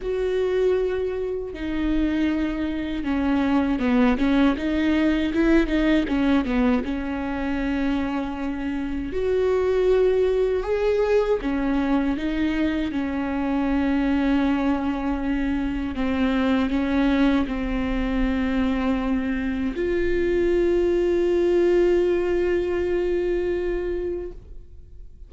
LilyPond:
\new Staff \with { instrumentName = "viola" } { \time 4/4 \tempo 4 = 79 fis'2 dis'2 | cis'4 b8 cis'8 dis'4 e'8 dis'8 | cis'8 b8 cis'2. | fis'2 gis'4 cis'4 |
dis'4 cis'2.~ | cis'4 c'4 cis'4 c'4~ | c'2 f'2~ | f'1 | }